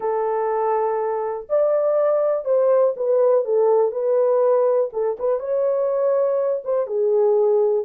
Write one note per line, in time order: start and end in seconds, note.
0.00 1.47 A4
1.49 2.44 D5
2.44 2.94 C5
2.96 3.44 B4
3.44 3.91 A4
3.91 4.89 B4
4.92 5.17 A4
5.19 5.39 B4
5.39 6.62 C#5
6.64 6.86 C5
6.86 7.85 G#4